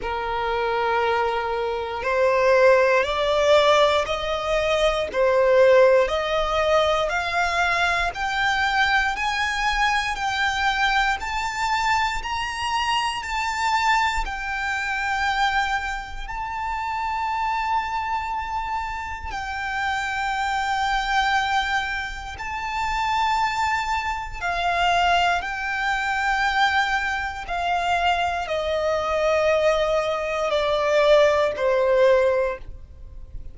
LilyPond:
\new Staff \with { instrumentName = "violin" } { \time 4/4 \tempo 4 = 59 ais'2 c''4 d''4 | dis''4 c''4 dis''4 f''4 | g''4 gis''4 g''4 a''4 | ais''4 a''4 g''2 |
a''2. g''4~ | g''2 a''2 | f''4 g''2 f''4 | dis''2 d''4 c''4 | }